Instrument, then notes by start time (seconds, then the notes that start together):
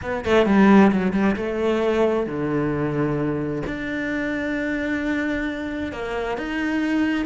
cello
0.01 B3
0.25 A3
0.46 G3
0.92 F#3
1.12 G3
1.35 A3
2.26 D3
3.66 D4
5.92 A#3
6.37 D#4